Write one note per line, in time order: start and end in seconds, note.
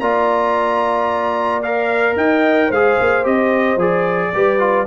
0.00 2.16 A#3
0.00 1.64 F4
0.00 2.17 D5
0.00 1.62 A#5
1.62 2.73 A#4
1.62 2.16 F5
2.16 2.70 D#4
2.16 2.68 D#5
2.16 2.71 G5
2.68 2.97 G#3
2.68 4.30 C5
2.68 3.25 F5
2.74 3.24 G#4
3.01 3.25 A#3
3.24 3.76 C4
3.24 3.78 G4
3.24 3.80 D#5
3.76 4.30 F3
3.76 4.33 G#4
3.76 4.86 D5
4.34 4.86 G3
4.34 4.59 G4
4.34 4.86 B4
4.59 4.86 F4